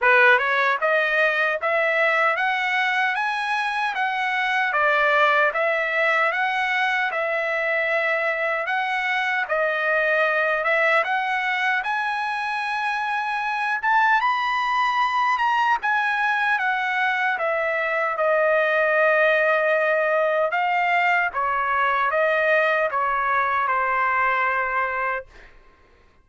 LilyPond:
\new Staff \with { instrumentName = "trumpet" } { \time 4/4 \tempo 4 = 76 b'8 cis''8 dis''4 e''4 fis''4 | gis''4 fis''4 d''4 e''4 | fis''4 e''2 fis''4 | dis''4. e''8 fis''4 gis''4~ |
gis''4. a''8 b''4. ais''8 | gis''4 fis''4 e''4 dis''4~ | dis''2 f''4 cis''4 | dis''4 cis''4 c''2 | }